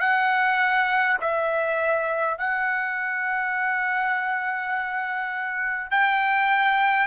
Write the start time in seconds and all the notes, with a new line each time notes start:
0.00 F#5
1.21 E5
2.38 F#5
5.90 G5